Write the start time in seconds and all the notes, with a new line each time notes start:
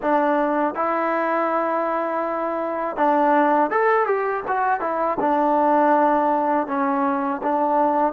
0.02 D4
0.74 E4
2.96 D4
3.70 A4
4.06 G4
4.47 F#4
4.80 E4
5.20 D4
6.67 C#4
7.42 D4